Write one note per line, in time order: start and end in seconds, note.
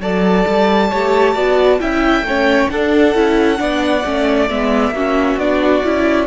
0.00 0.45 F#3
0.00 0.91 A4
0.00 0.90 D5
0.00 1.80 A5
0.47 0.92 G3
0.90 1.35 A3
0.90 1.36 G4
0.90 1.34 C#5
1.34 1.80 B3
1.34 1.80 F#4
1.34 1.79 D5
1.80 2.22 C#4
1.80 2.24 E4
1.80 2.26 E5
1.80 2.70 G5
2.22 2.67 A3
2.22 2.71 C#4
2.22 2.72 C#5
2.70 3.15 D4
2.70 3.14 D4
2.70 3.60 A4
2.70 4.49 F#5
3.14 3.60 C#4
3.14 3.58 E4
3.58 4.05 B3
3.58 4.03 D4
3.58 4.94 D5
4.05 4.50 A3
4.05 4.49 C#4
4.50 4.91 G#3
4.50 4.95 B3
4.50 5.39 E5
4.91 5.35 A#3
4.91 5.40 C#4
4.91 6.27 F#4
5.37 5.82 B3
5.37 5.83 D4
5.37 6.27 D5
5.83 6.27 C#4
5.83 6.27 E4